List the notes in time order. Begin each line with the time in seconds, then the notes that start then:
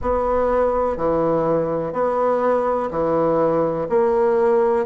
0.01 B3
0.96 E3
1.92 B3
2.90 E3
3.89 A#3